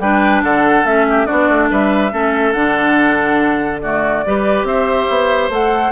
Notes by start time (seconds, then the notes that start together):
0.00 G3 D4 B4 G5
0.43 D3 A4 F#5
0.84 A3 C#4 E5
1.10 G4
1.26 B3 D4 F#4 D5
1.49 A3
1.71 G3 B4 E5
2.12 A3 C#4 A4
2.53 D3 D4 F#5
3.80 A3 F#4 D5
4.26 G3 G4 B4
4.63 C4 C5 E5
5.10 B3
5.49 A3 A4 F#5